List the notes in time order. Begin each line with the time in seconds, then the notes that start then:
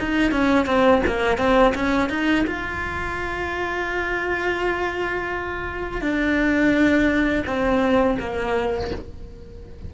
0.00 D#4
0.32 C#4
0.66 C4
1.07 A#3
1.38 C4
1.75 C#4
2.10 D#4
2.47 F4
6.02 D4
7.47 C4
8.20 A#3